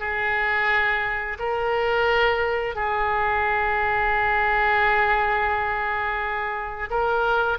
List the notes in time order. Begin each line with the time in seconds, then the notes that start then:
0.00 G#4
1.39 A#4
2.76 G#4
6.90 A#4